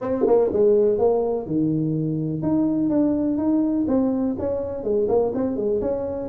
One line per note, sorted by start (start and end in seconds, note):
0.01 0.25 C4
0.26 0.50 A#3
0.52 0.98 G#3
0.98 1.46 A#3
1.46 2.42 D#3
2.42 2.89 D#4
2.89 3.37 D4
3.37 3.86 D#4
3.87 4.36 C4
4.38 4.83 C#4
4.83 5.07 G#3
5.08 5.32 A#3
5.34 5.56 C4
5.56 5.80 G#3
5.81 6.28 C#4